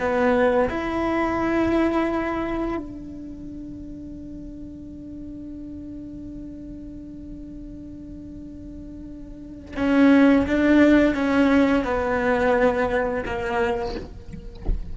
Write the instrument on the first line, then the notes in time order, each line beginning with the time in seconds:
cello
0.00 B3
0.70 E4
2.77 D4
9.77 C#4
10.47 D4
11.15 C#4
11.85 B3
13.26 A#3